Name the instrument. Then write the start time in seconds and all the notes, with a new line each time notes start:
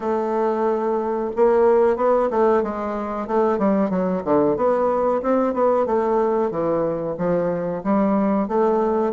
bassoon
0.00 A3
1.35 A#3
1.96 B3
2.30 A3
2.62 G#3
3.27 A3
3.58 G3
3.90 F#3
4.24 D3
4.56 B3
5.22 C4
5.53 B3
5.85 A3
6.50 E3
7.17 F3
7.83 G3
8.48 A3